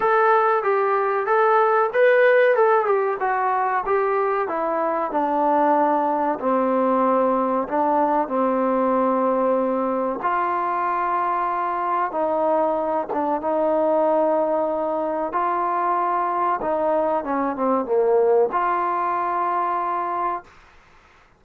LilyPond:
\new Staff \with { instrumentName = "trombone" } { \time 4/4 \tempo 4 = 94 a'4 g'4 a'4 b'4 | a'8 g'8 fis'4 g'4 e'4 | d'2 c'2 | d'4 c'2. |
f'2. dis'4~ | dis'8 d'8 dis'2. | f'2 dis'4 cis'8 c'8 | ais4 f'2. | }